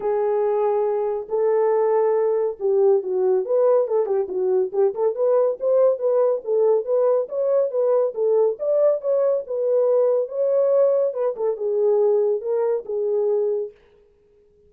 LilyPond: \new Staff \with { instrumentName = "horn" } { \time 4/4 \tempo 4 = 140 gis'2. a'4~ | a'2 g'4 fis'4 | b'4 a'8 g'8 fis'4 g'8 a'8 | b'4 c''4 b'4 a'4 |
b'4 cis''4 b'4 a'4 | d''4 cis''4 b'2 | cis''2 b'8 a'8 gis'4~ | gis'4 ais'4 gis'2 | }